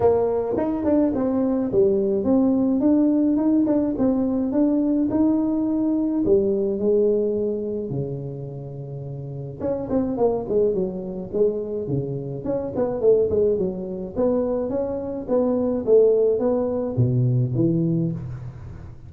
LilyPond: \new Staff \with { instrumentName = "tuba" } { \time 4/4 \tempo 4 = 106 ais4 dis'8 d'8 c'4 g4 | c'4 d'4 dis'8 d'8 c'4 | d'4 dis'2 g4 | gis2 cis2~ |
cis4 cis'8 c'8 ais8 gis8 fis4 | gis4 cis4 cis'8 b8 a8 gis8 | fis4 b4 cis'4 b4 | a4 b4 b,4 e4 | }